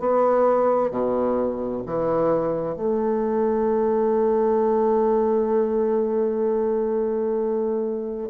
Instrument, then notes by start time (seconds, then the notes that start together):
bassoon
0.00 B3
0.91 B2
1.87 E3
2.77 A3